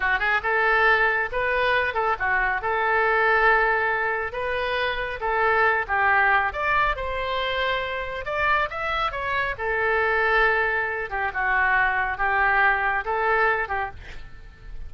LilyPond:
\new Staff \with { instrumentName = "oboe" } { \time 4/4 \tempo 4 = 138 fis'8 gis'8 a'2 b'4~ | b'8 a'8 fis'4 a'2~ | a'2 b'2 | a'4. g'4. d''4 |
c''2. d''4 | e''4 cis''4 a'2~ | a'4. g'8 fis'2 | g'2 a'4. g'8 | }